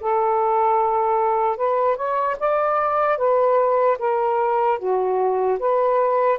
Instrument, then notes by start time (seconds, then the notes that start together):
saxophone
0.00 A4
1.57 B4
1.96 C#5
2.39 D5
3.17 B4
3.99 A#4
4.79 F#4
5.59 B4